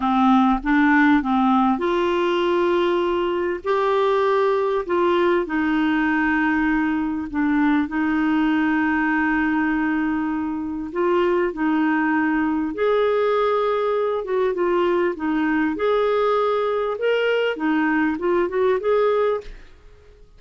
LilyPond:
\new Staff \with { instrumentName = "clarinet" } { \time 4/4 \tempo 4 = 99 c'4 d'4 c'4 f'4~ | f'2 g'2 | f'4 dis'2. | d'4 dis'2.~ |
dis'2 f'4 dis'4~ | dis'4 gis'2~ gis'8 fis'8 | f'4 dis'4 gis'2 | ais'4 dis'4 f'8 fis'8 gis'4 | }